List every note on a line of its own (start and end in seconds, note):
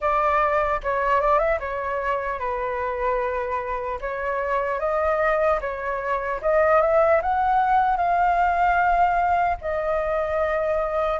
0.00 0.80 D5
0.83 1.20 C#5
1.20 1.38 D5
1.38 1.58 E5
1.59 2.39 C#5
2.39 3.99 B4
4.00 4.79 C#5
4.79 5.59 D#5
5.60 6.40 C#5
6.41 6.81 D#5
6.81 7.21 E5
7.22 7.96 F#5
7.96 9.56 F5
9.61 11.20 D#5